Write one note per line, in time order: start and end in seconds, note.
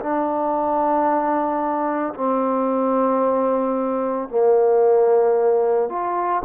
0.00 2.14 D4
2.14 4.29 C4
4.29 5.89 A#3
5.89 6.43 F4